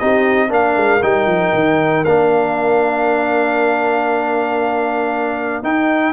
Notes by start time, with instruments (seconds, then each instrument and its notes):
0.00 tuba C4, trombone D#4, horn G4, trumpet D#5
0.49 tuba A#3, trombone D4, horn A#4, trumpet F5
0.77 tuba G#3
1.03 tuba G3, trombone D#4, trumpet G5
1.27 tuba F3
1.54 tuba D#3
2.05 tuba A#3, trombone D4, trumpet F5
5.63 tuba D#4, trombone D#4, trumpet G5